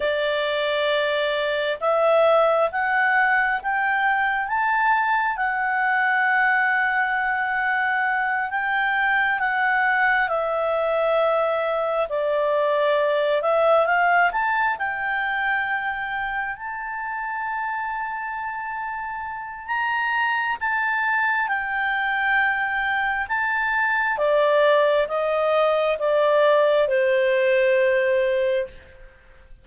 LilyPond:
\new Staff \with { instrumentName = "clarinet" } { \time 4/4 \tempo 4 = 67 d''2 e''4 fis''4 | g''4 a''4 fis''2~ | fis''4. g''4 fis''4 e''8~ | e''4. d''4. e''8 f''8 |
a''8 g''2 a''4.~ | a''2 ais''4 a''4 | g''2 a''4 d''4 | dis''4 d''4 c''2 | }